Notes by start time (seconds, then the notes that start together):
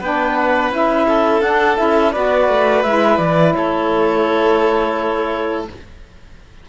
0.00 B3 D4 B4 G5
0.36 F#5
0.70 C#4 E4 E5
1.07 A4
1.41 D4 F#5
1.76 C#4 E4 E5
2.12 B3 F#4 B4 D5
2.48 A3
2.82 G#3 E4 E5
3.18 E3 D5
3.53 A3 A4 C#5